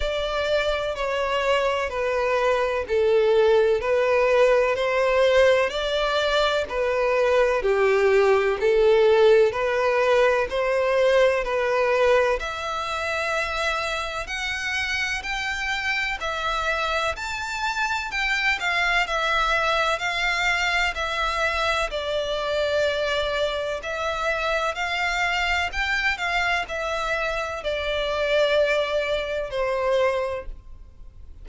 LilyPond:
\new Staff \with { instrumentName = "violin" } { \time 4/4 \tempo 4 = 63 d''4 cis''4 b'4 a'4 | b'4 c''4 d''4 b'4 | g'4 a'4 b'4 c''4 | b'4 e''2 fis''4 |
g''4 e''4 a''4 g''8 f''8 | e''4 f''4 e''4 d''4~ | d''4 e''4 f''4 g''8 f''8 | e''4 d''2 c''4 | }